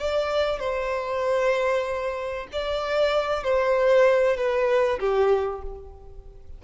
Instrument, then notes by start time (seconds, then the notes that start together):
violin
0.00 D5
0.60 C5
2.53 D5
3.44 C5
4.37 B4
5.00 G4